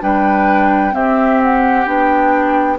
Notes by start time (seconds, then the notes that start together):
0.00 G3 D4 B4 G5
0.91 C4 G4 E5
1.42 F#5
1.85 B3 D4 G5